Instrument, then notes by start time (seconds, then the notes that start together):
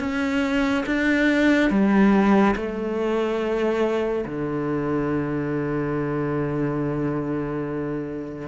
cello
0.00 C#4
0.86 D4
1.71 G3
2.56 A3
4.26 D3